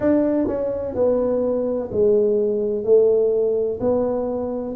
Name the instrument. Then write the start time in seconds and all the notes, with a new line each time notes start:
tuba
0.00 D4
0.47 C#4
0.94 B3
1.91 G#3
2.84 A3
3.80 B3